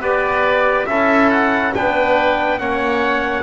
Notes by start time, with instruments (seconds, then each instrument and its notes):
0.00 double bass B3, trombone G4, oboe B4, trumpet D5
0.87 double bass C#4, trombone E4, oboe A4, trumpet E5
1.30 trumpet F#5
1.75 double bass B3, trombone D4, oboe B4, trumpet G5
2.59 double bass A#3, trombone C#4, oboe C#5, trumpet F#5